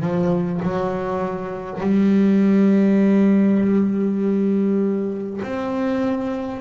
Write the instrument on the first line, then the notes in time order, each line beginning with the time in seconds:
double bass
0.00 F3
0.62 F#3
1.80 G3
5.42 C4